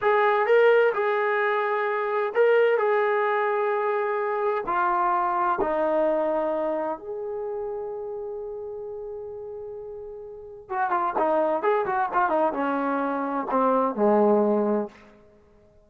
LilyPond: \new Staff \with { instrumentName = "trombone" } { \time 4/4 \tempo 4 = 129 gis'4 ais'4 gis'2~ | gis'4 ais'4 gis'2~ | gis'2 f'2 | dis'2. gis'4~ |
gis'1~ | gis'2. fis'8 f'8 | dis'4 gis'8 fis'8 f'8 dis'8 cis'4~ | cis'4 c'4 gis2 | }